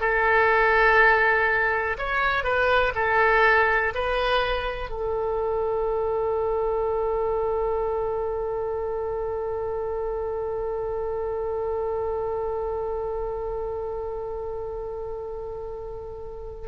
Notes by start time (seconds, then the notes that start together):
0.00 A4
1.99 C#5
2.44 B4
2.95 A4
3.95 B4
4.90 A4